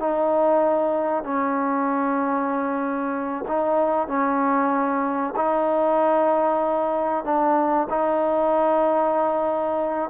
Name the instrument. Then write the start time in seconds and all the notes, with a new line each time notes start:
trombone
0.00 D#4
1.24 C#4
3.48 D#4
4.08 C#4
5.37 D#4
7.25 D4
7.90 D#4